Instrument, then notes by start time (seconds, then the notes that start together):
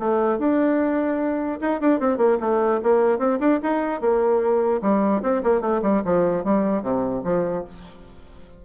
bassoon
0.00 A3
0.39 D4
1.61 D#4
1.81 D4
2.00 C4
2.18 A#3
2.41 A3
2.84 A#3
3.19 C4
3.40 D4
3.63 D#4
4.01 A#3
4.82 G3
5.23 C4
5.44 A#3
5.62 A3
5.83 G3
6.05 F3
6.44 G3
6.83 C3
7.25 F3